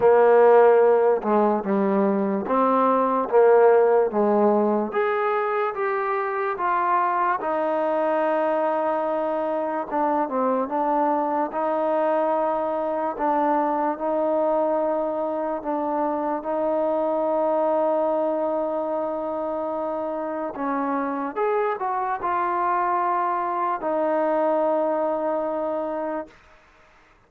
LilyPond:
\new Staff \with { instrumentName = "trombone" } { \time 4/4 \tempo 4 = 73 ais4. gis8 g4 c'4 | ais4 gis4 gis'4 g'4 | f'4 dis'2. | d'8 c'8 d'4 dis'2 |
d'4 dis'2 d'4 | dis'1~ | dis'4 cis'4 gis'8 fis'8 f'4~ | f'4 dis'2. | }